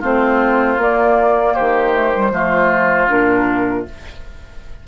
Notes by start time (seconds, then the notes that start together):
0.00 A3 C4 F4 C5
0.77 A#3 D5
1.55 D#3 G4 C5
1.93 A3
2.13 G3
2.32 F3 A3 F4
3.08 A#2 D4 A#4